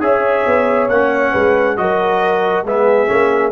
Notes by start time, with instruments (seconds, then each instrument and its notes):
0.00 tuba C#4, trombone G#4, horn C#5, trumpet E5
0.46 tuba B3
0.89 tuba A#3, trombone C#4, trumpet F#5
1.33 tuba G#3, horn B4
1.77 tuba F#3, trombone F#4, horn A#4, trumpet D#5
2.64 tuba G#3, trombone B3, horn G#4, trumpet E5
3.07 tuba A#3, trombone C#4